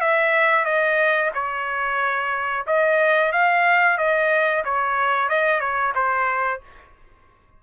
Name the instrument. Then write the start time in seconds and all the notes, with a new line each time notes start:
trumpet
0.00 E5
0.64 D#5
1.34 C#5
2.66 D#5
3.31 F5
3.97 D#5
4.64 C#5
5.29 D#5
5.60 C#5
5.95 C5